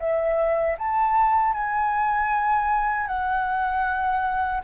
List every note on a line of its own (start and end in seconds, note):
0.00 0.77 E5
0.79 1.53 A5
1.53 3.07 G#5
3.07 4.61 F#5